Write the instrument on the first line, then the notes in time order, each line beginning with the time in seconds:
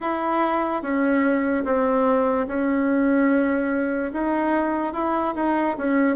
bassoon
0.00 E4
0.82 C#4
1.64 C4
2.47 C#4
4.12 D#4
4.93 E4
5.35 D#4
5.77 C#4